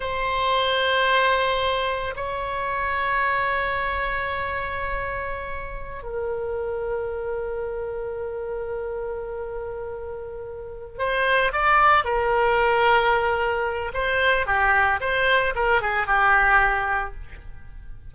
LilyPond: \new Staff \with { instrumentName = "oboe" } { \time 4/4 \tempo 4 = 112 c''1 | cis''1~ | cis''2.~ cis''16 ais'8.~ | ais'1~ |
ais'1~ | ais'8 c''4 d''4 ais'4.~ | ais'2 c''4 g'4 | c''4 ais'8 gis'8 g'2 | }